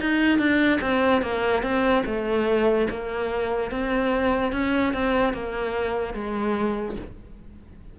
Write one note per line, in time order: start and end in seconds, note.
0.00 0.38 D#4
0.38 0.79 D4
0.81 1.21 C4
1.21 1.62 A#3
1.62 2.03 C4
2.05 2.88 A3
2.89 3.70 A#3
3.70 4.52 C4
4.52 4.93 C#4
4.93 5.33 C4
5.33 6.13 A#3
6.13 6.96 G#3